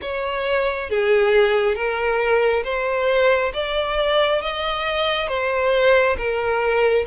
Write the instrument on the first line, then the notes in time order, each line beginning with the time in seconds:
violin
0.01 C#5
0.89 G#4
1.74 A#4
2.64 C5
3.53 D5
4.41 D#5
5.28 C5
6.17 A#4